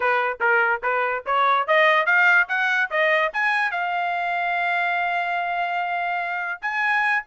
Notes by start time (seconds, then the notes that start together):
0.00 B4
0.40 A#4
0.83 B4
1.26 C#5
1.67 D#5
2.06 F5
2.48 F#5
2.90 D#5
3.33 G#5
3.71 F5
6.61 G#5